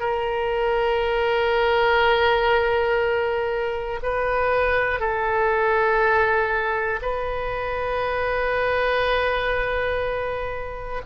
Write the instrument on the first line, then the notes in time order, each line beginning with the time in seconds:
oboe
0.00 A#4
4.03 B4
5.00 A4
7.02 B4